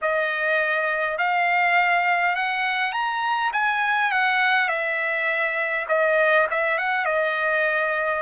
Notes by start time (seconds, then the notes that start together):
0.01 D#5
1.18 F5
2.35 F#5
2.92 A#5
3.52 G#5
4.11 F#5
4.68 E5
5.88 D#5
6.50 E5
6.78 F#5
7.05 D#5